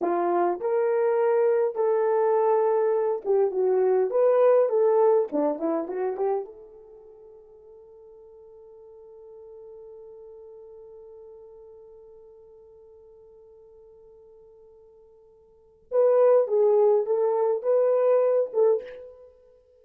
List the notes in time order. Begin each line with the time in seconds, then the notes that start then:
0.01 F4
0.60 A#4
1.75 A4
3.24 G4
3.51 F#4
4.10 B4
4.69 A4
5.32 D4
5.58 E4
5.88 F#4
6.16 G4
6.44 A4
15.91 B4
16.47 G#4
17.06 A4
17.62 B4
18.53 A4